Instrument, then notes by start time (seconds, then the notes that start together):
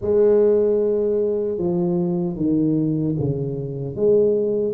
tuba
0.01 G#3
1.58 F3
2.36 D#3
3.19 C#3
3.95 G#3